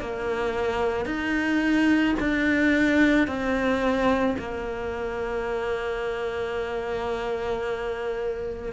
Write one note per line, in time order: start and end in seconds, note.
0.00 1.05 A#3
1.05 2.14 D#4
2.19 3.27 D4
3.27 4.36 C4
4.38 8.72 A#3